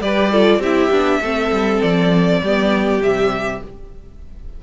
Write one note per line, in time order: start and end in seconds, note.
0.00 0.59 G3
0.00 0.32 G4
0.00 0.31 B4
0.00 0.62 D5
0.31 0.62 F4
0.31 0.60 A4
0.59 0.89 C4
0.59 0.91 E4
0.59 1.20 G4
0.59 1.82 E5
0.90 1.20 B3
0.90 1.21 D4
1.21 1.51 A3
1.21 2.43 C4
1.21 2.41 A4
1.51 1.81 G3
1.82 2.42 F3
1.82 3.02 D5
2.42 3.00 G3
2.42 3.02 B3
2.42 3.63 G4
3.00 3.60 C3
3.00 3.62 G3
3.00 3.63 E5